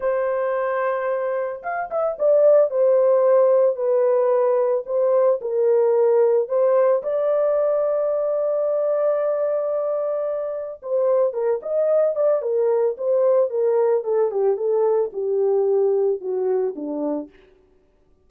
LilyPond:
\new Staff \with { instrumentName = "horn" } { \time 4/4 \tempo 4 = 111 c''2. f''8 e''8 | d''4 c''2 b'4~ | b'4 c''4 ais'2 | c''4 d''2.~ |
d''1 | c''4 ais'8 dis''4 d''8 ais'4 | c''4 ais'4 a'8 g'8 a'4 | g'2 fis'4 d'4 | }